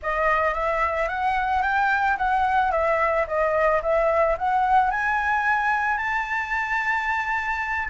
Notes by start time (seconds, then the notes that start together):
0.02 D#5
0.54 E5
1.08 F#5
1.62 G5
2.17 F#5
2.71 E5
3.27 D#5
3.82 E5
4.38 F#5
4.90 G#5
5.97 A5